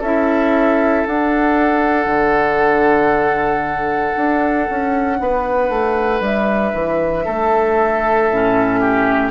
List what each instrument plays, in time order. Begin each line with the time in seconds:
0.00 bassoon C#4, clarinet E4, oboe A4, flute E5
1.07 clarinet D4, bassoon D4, flute F#5
2.06 bassoon D3
4.17 bassoon D4
4.70 bassoon C#4
5.20 bassoon B3, oboe B4
5.70 bassoon A3
6.21 bassoon G3, flute E5
6.74 bassoon E3
7.25 bassoon A3, oboe A4
8.30 bassoon A2, clarinet C#4
8.80 oboe G4